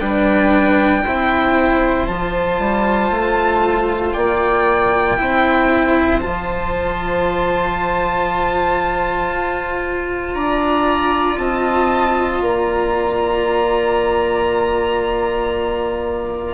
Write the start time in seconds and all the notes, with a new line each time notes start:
0.00 G3 D4 B4 G5
1.04 C4 E4 C5
2.07 F3 F4 A5
2.59 G3
3.11 A3
4.13 A#3 D5 G5
5.18 C4 E4 C5
6.21 F3 F4 A5
9.32 F4
10.34 D4 D5 A#5
11.38 C4 D#5 A5
12.41 A#3 D5 A#5